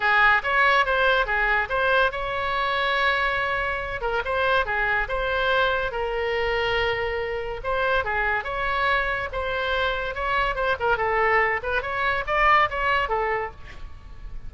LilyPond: \new Staff \with { instrumentName = "oboe" } { \time 4/4 \tempo 4 = 142 gis'4 cis''4 c''4 gis'4 | c''4 cis''2.~ | cis''4. ais'8 c''4 gis'4 | c''2 ais'2~ |
ais'2 c''4 gis'4 | cis''2 c''2 | cis''4 c''8 ais'8 a'4. b'8 | cis''4 d''4 cis''4 a'4 | }